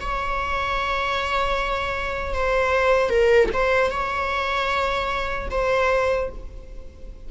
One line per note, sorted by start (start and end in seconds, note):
0.00 2.34 C#5
2.34 3.09 C5
3.09 3.49 A#4
3.53 3.90 C5
3.90 5.48 C#5
5.50 6.29 C5